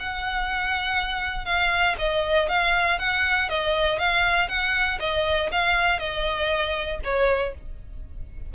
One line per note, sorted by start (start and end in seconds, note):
0.00 1.46 F#5
1.46 1.96 F5
1.99 2.49 D#5
2.49 2.99 F5
2.99 3.49 F#5
3.49 3.99 D#5
3.99 4.49 F5
4.49 4.99 F#5
5.00 5.50 D#5
5.52 6.00 F5
6.00 7.00 D#5
7.04 7.55 C#5